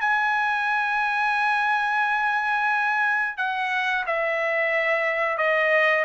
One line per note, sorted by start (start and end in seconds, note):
0.00 3.37 G#5
3.37 4.04 F#5
4.06 5.37 E5
5.37 6.05 D#5